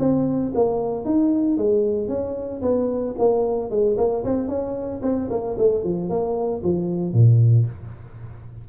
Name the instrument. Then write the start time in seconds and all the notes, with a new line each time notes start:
tuba
0.00 C4
0.55 A#3
1.05 D#4
1.58 G#3
2.09 C#4
2.62 B3
3.19 A#3
3.70 G#3
3.98 A#3
4.25 C4
4.49 C#4
5.03 C4
5.31 A#3
5.59 A3
5.84 F3
6.10 A#3
6.64 F3
7.13 A#2